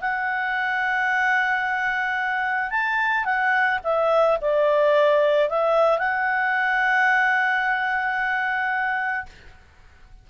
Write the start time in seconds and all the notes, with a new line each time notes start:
0.00 F#5
2.70 A5
3.24 F#5
3.84 E5
4.41 D5
5.49 E5
5.98 F#5